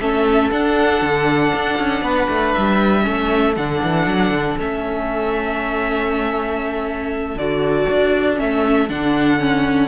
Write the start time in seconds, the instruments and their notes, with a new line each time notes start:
0.00 cello A3, viola C#4, violin A4 E5
0.51 cello D4, viola D4, violin F#5
1.02 cello D3
1.55 cello D4
1.78 cello C#4
2.02 cello B3, violin B4
2.29 cello A3
2.53 cello G3, violin E5
3.02 cello A3, viola C#4, violin A4
3.56 cello D3, viola D4, violin F#5
3.83 cello E3
4.06 cello F#3
4.30 cello D3
4.59 cello A3, viola C#4, violin E5
7.36 cello D3, viola F#4, violin D5
7.90 cello D4
8.36 cello A3, viola C#4, violin E5
8.89 cello D3, viola D4, violin F#5
9.39 viola C#4